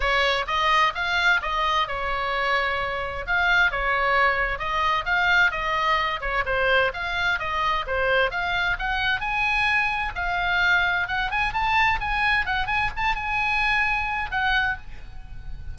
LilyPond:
\new Staff \with { instrumentName = "oboe" } { \time 4/4 \tempo 4 = 130 cis''4 dis''4 f''4 dis''4 | cis''2. f''4 | cis''2 dis''4 f''4 | dis''4. cis''8 c''4 f''4 |
dis''4 c''4 f''4 fis''4 | gis''2 f''2 | fis''8 gis''8 a''4 gis''4 fis''8 gis''8 | a''8 gis''2~ gis''8 fis''4 | }